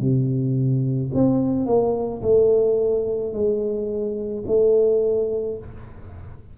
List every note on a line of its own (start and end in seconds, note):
0.00 1.11 C3
1.14 1.66 C4
1.66 2.21 A#3
2.22 3.33 A3
3.33 4.44 G#3
4.46 5.58 A3